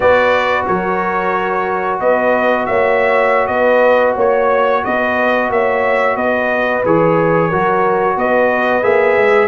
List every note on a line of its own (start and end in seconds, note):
0.00 0.66 B3
0.00 6.83 F#4
0.00 0.67 B4
0.00 0.65 D5
0.66 2.00 F#3
0.66 2.00 A#4
0.66 1.99 C#5
2.00 2.66 B3
2.00 2.66 B4
2.00 2.66 D#5
2.66 3.48 A#3
2.66 3.48 C#5
2.66 3.47 E5
3.47 4.15 B3
3.47 4.14 B4
3.47 4.13 D#5
4.14 4.83 A#3
4.14 4.81 C#5
4.14 4.84 C#5
4.84 5.49 B3
4.84 5.51 B4
4.84 5.51 D#5
5.49 6.16 A#3
5.49 6.15 C#5
5.49 6.17 E5
6.15 6.82 B3
6.15 7.48 B4
6.15 6.83 D#5
6.85 7.52 E3
6.85 7.52 G#4
6.85 8.18 C#5
7.48 8.16 F#3
7.48 8.82 F#4
7.48 8.15 A#4
8.16 8.83 B3
8.16 9.48 B4
8.16 8.83 D#5
8.82 9.17 A#3
8.82 9.48 G#4
8.82 9.48 E5
9.17 9.48 G#3